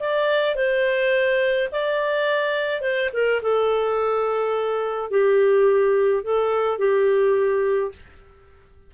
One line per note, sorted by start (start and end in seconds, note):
0.00 0.56 D5
0.56 1.69 C5
1.72 2.81 D5
2.81 3.10 C5
3.14 3.42 A#4
3.43 5.11 A4
5.11 6.24 G4
6.24 6.79 A4
6.79 7.92 G4